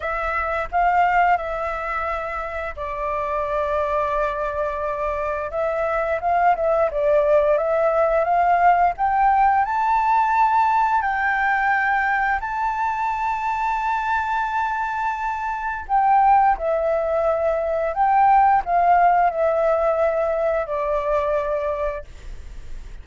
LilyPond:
\new Staff \with { instrumentName = "flute" } { \time 4/4 \tempo 4 = 87 e''4 f''4 e''2 | d''1 | e''4 f''8 e''8 d''4 e''4 | f''4 g''4 a''2 |
g''2 a''2~ | a''2. g''4 | e''2 g''4 f''4 | e''2 d''2 | }